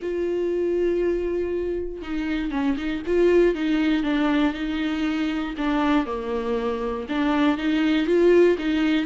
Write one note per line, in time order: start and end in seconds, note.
0.01 2.01 F4
2.01 2.51 D#4
2.51 2.76 C#4
2.77 3.02 D#4
3.06 3.54 F4
3.54 4.03 D#4
4.03 4.53 D4
4.53 5.54 D#4
5.57 6.05 D4
6.05 7.06 A#3
7.08 7.57 D4
7.57 8.06 D#4
8.06 8.56 F4
8.58 9.05 D#4